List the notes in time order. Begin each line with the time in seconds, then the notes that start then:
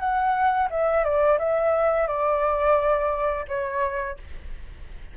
0.00 F#5
0.71 E5
1.04 D5
1.39 E5
2.08 D5
3.49 C#5